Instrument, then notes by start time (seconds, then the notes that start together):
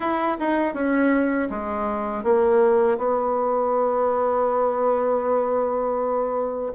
bassoon
0.00 E4
0.40 D#4
0.74 C#4
1.50 G#3
2.23 A#3
2.97 B3